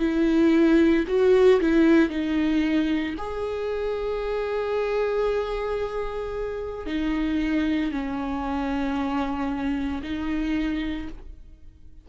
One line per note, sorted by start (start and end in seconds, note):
0.00 1.05 E4
1.08 1.61 F#4
1.61 2.10 E4
2.10 3.15 D#4
3.18 6.87 G#4
6.87 7.92 D#4
7.92 10.02 C#4
10.03 11.09 D#4